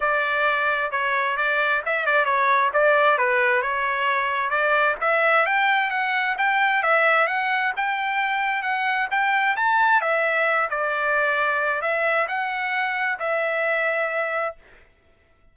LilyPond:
\new Staff \with { instrumentName = "trumpet" } { \time 4/4 \tempo 4 = 132 d''2 cis''4 d''4 | e''8 d''8 cis''4 d''4 b'4 | cis''2 d''4 e''4 | g''4 fis''4 g''4 e''4 |
fis''4 g''2 fis''4 | g''4 a''4 e''4. d''8~ | d''2 e''4 fis''4~ | fis''4 e''2. | }